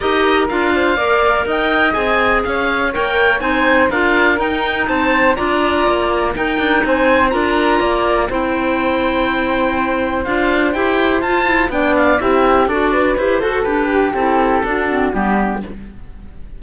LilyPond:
<<
  \new Staff \with { instrumentName = "oboe" } { \time 4/4 \tempo 4 = 123 dis''4 f''2 g''4 | gis''4 f''4 g''4 gis''4 | f''4 g''4 a''4 ais''4~ | ais''4 g''4 gis''4 ais''4~ |
ais''4 g''2.~ | g''4 f''4 g''4 a''4 | g''8 f''8 e''4 d''4 c''4 | b'4 a'2 g'4 | }
  \new Staff \with { instrumentName = "flute" } { \time 4/4 ais'4. c''8 d''4 dis''4~ | dis''4 cis''2 c''4 | ais'2 c''4 d''4~ | d''4 ais'4 c''4 ais'4 |
d''4 c''2.~ | c''1 | d''4 g'4 a'8 b'4 a'8~ | a'8 g'4. fis'4 d'4 | }
  \new Staff \with { instrumentName = "clarinet" } { \time 4/4 g'4 f'4 ais'2 | gis'2 ais'4 dis'4 | f'4 dis'2 f'4~ | f'4 dis'2 f'4~ |
f'4 e'2.~ | e'4 f'4 g'4 f'8 e'8 | d'4 e'4 fis'4 g'8 a'8 | d'4 e'4 d'8 c'8 b4 | }
  \new Staff \with { instrumentName = "cello" } { \time 4/4 dis'4 d'4 ais4 dis'4 | c'4 cis'4 ais4 c'4 | d'4 dis'4 c'4 d'4 | ais4 dis'8 d'8 c'4 d'4 |
ais4 c'2.~ | c'4 d'4 e'4 f'4 | b4 c'4 d'4 e'8 fis'8 | g'4 c'4 d'4 g4 | }
>>